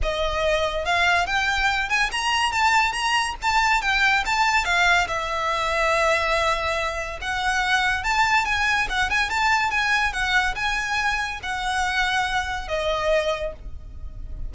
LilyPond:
\new Staff \with { instrumentName = "violin" } { \time 4/4 \tempo 4 = 142 dis''2 f''4 g''4~ | g''8 gis''8 ais''4 a''4 ais''4 | a''4 g''4 a''4 f''4 | e''1~ |
e''4 fis''2 a''4 | gis''4 fis''8 gis''8 a''4 gis''4 | fis''4 gis''2 fis''4~ | fis''2 dis''2 | }